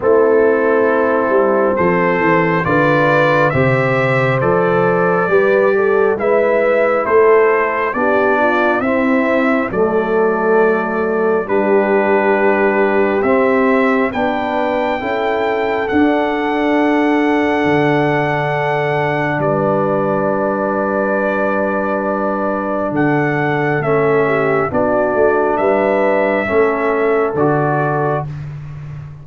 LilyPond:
<<
  \new Staff \with { instrumentName = "trumpet" } { \time 4/4 \tempo 4 = 68 a'2 c''4 d''4 | e''4 d''2 e''4 | c''4 d''4 e''4 d''4~ | d''4 b'2 e''4 |
g''2 fis''2~ | fis''2 d''2~ | d''2 fis''4 e''4 | d''4 e''2 d''4 | }
  \new Staff \with { instrumentName = "horn" } { \time 4/4 e'2 a'4 b'4 | c''2 b'8 a'8 b'4 | a'4 g'8 f'8 e'4 a'4~ | a'4 g'2. |
b'4 a'2.~ | a'2 b'2~ | b'2 a'4. g'8 | fis'4 b'4 a'2 | }
  \new Staff \with { instrumentName = "trombone" } { \time 4/4 c'2. f'4 | g'4 a'4 g'4 e'4~ | e'4 d'4 c'4 a4~ | a4 d'2 c'4 |
d'4 e'4 d'2~ | d'1~ | d'2. cis'4 | d'2 cis'4 fis'4 | }
  \new Staff \with { instrumentName = "tuba" } { \time 4/4 a4. g8 f8 e8 d4 | c4 f4 g4 gis4 | a4 b4 c'4 fis4~ | fis4 g2 c'4 |
b4 cis'4 d'2 | d2 g2~ | g2 d4 a4 | b8 a8 g4 a4 d4 | }
>>